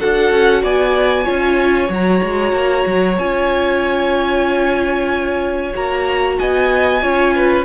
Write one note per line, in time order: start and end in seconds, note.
0.00 0.31 D4
0.00 1.25 F#4
0.00 0.62 A4
0.00 0.64 F#5
0.31 0.63 C#4
0.62 1.27 B3
0.62 1.25 D5
0.62 1.92 G#5
1.25 1.90 C#4
1.25 1.89 F4
1.25 6.35 C#5
1.89 2.22 F#3
1.89 3.17 F#4
1.89 3.18 A#5
2.23 2.53 G#3
2.53 2.85 A#3
2.87 3.18 F#3
3.18 5.73 C#4
3.18 5.73 F4
3.18 5.74 G#5
5.73 6.39 A#3
5.73 7.01 F#4
5.73 6.39 A#5
6.39 7.03 B3
6.39 7.03 D#5
6.39 7.65 G#5
7.02 7.65 C#4
7.02 7.65 F4
7.02 7.35 C#5
7.35 7.65 B4